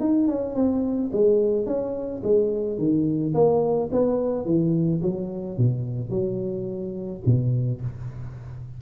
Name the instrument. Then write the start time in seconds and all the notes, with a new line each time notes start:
tuba
0.00 D#4
0.28 C#4
0.55 C4
1.13 G#3
1.66 C#4
2.23 G#3
2.78 D#3
3.34 A#3
3.92 B3
4.45 E3
5.02 F#3
5.57 B2
6.10 F#3
7.26 B2